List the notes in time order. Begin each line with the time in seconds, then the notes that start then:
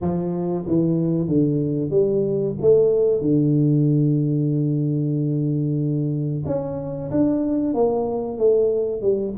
0.01 F3
0.66 E3
1.27 D3
1.90 G3
2.61 A3
3.21 D3
6.45 C#4
7.10 D4
7.74 A#3
8.38 A3
9.01 G3